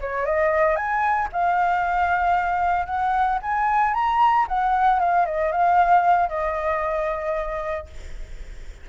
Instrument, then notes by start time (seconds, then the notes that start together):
flute
0.00 C#5
0.25 D#5
0.76 G#5
1.32 F5
2.86 F#5
3.42 G#5
3.94 A#5
4.48 F#5
4.99 F5
5.25 D#5
5.51 F5
6.28 D#5